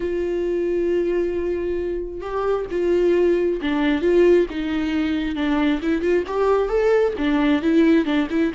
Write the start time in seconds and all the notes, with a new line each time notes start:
0.00 F4
2.20 G4
2.70 F4
3.61 D4
4.01 F4
4.49 D#4
5.35 D4
5.81 E4
6.01 F4
6.27 G4
6.68 A4
7.17 D4
7.62 E4
8.05 D4
8.30 E4